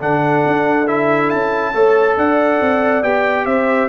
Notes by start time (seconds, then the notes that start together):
0.00 D3 D4 A4 F#5
0.47 D4
0.87 E4 E5
1.30 C#4 A5
1.74 A3 A4 C#5
2.17 D4 D5 F#5
2.61 C4
3.03 B3 G4 G5
3.46 C4 C5 E5